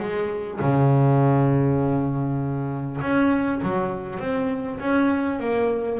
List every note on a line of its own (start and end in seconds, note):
0.00 0.60 G#3
0.61 3.01 C#3
3.01 3.61 C#4
3.63 4.19 F#3
4.19 4.79 C4
4.79 5.39 C#4
5.40 6.00 A#3